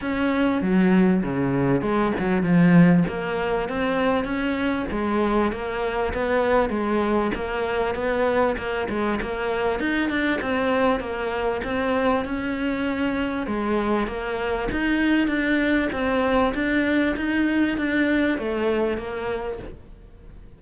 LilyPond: \new Staff \with { instrumentName = "cello" } { \time 4/4 \tempo 4 = 98 cis'4 fis4 cis4 gis8 fis8 | f4 ais4 c'4 cis'4 | gis4 ais4 b4 gis4 | ais4 b4 ais8 gis8 ais4 |
dis'8 d'8 c'4 ais4 c'4 | cis'2 gis4 ais4 | dis'4 d'4 c'4 d'4 | dis'4 d'4 a4 ais4 | }